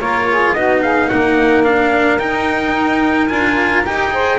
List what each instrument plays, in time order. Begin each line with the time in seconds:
0.00 double bass A#3, cello F4, saxophone A#4, trumpet C#5
0.30 saxophone G#4
0.54 double bass B3, cello D#4, saxophone F#4, trumpet D#5
0.82 saxophone G#4, trumpet F5
1.09 double bass A#3, saxophone A#4, trumpet F#5
1.64 cello D4, trumpet F5
2.19 cello D#4, double bass D#4, trumpet G5
3.28 double bass D4, cello F4, trumpet G#5
3.86 double bass D#4, cello G4, trumpet G5
4.11 cello G#4, saxophone C5